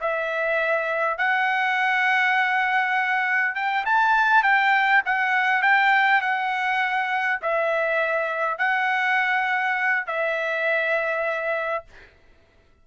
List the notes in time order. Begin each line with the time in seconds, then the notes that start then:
0.00 E5
1.18 F#5
3.55 G5
3.86 A5
4.43 G5
5.05 F#5
5.62 G5
6.22 F#5
7.42 E5
8.58 F#5
10.07 E5